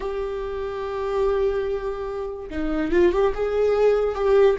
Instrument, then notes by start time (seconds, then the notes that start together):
viola
0.00 G4
2.50 D#4
2.91 F4
3.12 G4
3.34 G#4
4.14 G4